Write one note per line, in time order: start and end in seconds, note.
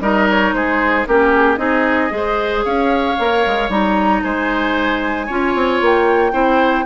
0.00 0.53 G3
0.00 1.06 D#4
0.00 0.54 A#4
0.00 0.28 D#5
0.29 0.53 C#5
0.53 1.05 G#3
0.53 1.08 G#4
0.53 1.06 C5
1.07 1.58 A#3
1.07 1.57 C#4
1.07 1.59 G4
1.07 1.33 A#4
1.34 1.55 G#4
1.55 2.10 C4
1.55 2.09 D#4
1.55 2.12 G#4
1.55 2.61 D#5
2.10 2.64 G#3
2.10 3.15 G#4
2.16 2.65 C5
2.64 3.18 C#4
2.64 4.23 C#5
2.64 3.70 F5
3.19 3.45 A#3
3.19 3.70 A#4
3.46 3.69 G#3
3.69 4.21 G3
3.69 5.28 D#4
3.69 4.23 A#5
4.23 5.29 G#3
4.23 5.26 C5
4.23 5.81 G#5
5.26 5.55 C#4
5.26 6.32 F4
5.26 6.32 C#5
5.55 5.81 C4
5.81 6.33 A#3
5.81 6.85 G5
6.32 6.85 C4
6.32 6.84 E4
6.32 6.85 C5